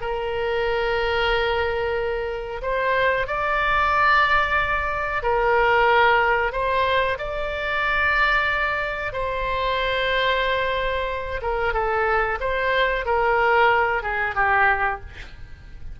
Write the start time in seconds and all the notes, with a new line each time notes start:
0.00 A#4
2.61 C5
3.27 D5
5.22 A#4
6.52 C5
7.18 D5
9.12 C5
11.42 A#4
11.73 A4
12.40 C5
13.05 A#4
14.02 G#4
14.35 G4